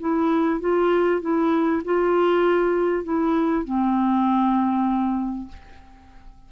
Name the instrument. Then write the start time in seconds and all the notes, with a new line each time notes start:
clarinet
0.00 E4
0.60 F4
1.21 E4
1.85 F4
3.04 E4
3.65 C4